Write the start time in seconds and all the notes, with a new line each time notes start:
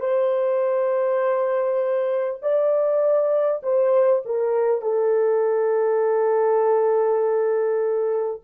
0.00 C5
2.42 D5
3.63 C5
4.25 A#4
4.82 A4